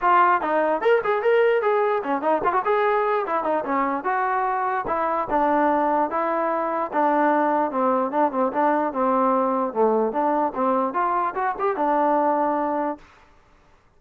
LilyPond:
\new Staff \with { instrumentName = "trombone" } { \time 4/4 \tempo 4 = 148 f'4 dis'4 ais'8 gis'8 ais'4 | gis'4 cis'8 dis'8 f'16 fis'16 gis'4. | e'8 dis'8 cis'4 fis'2 | e'4 d'2 e'4~ |
e'4 d'2 c'4 | d'8 c'8 d'4 c'2 | a4 d'4 c'4 f'4 | fis'8 g'8 d'2. | }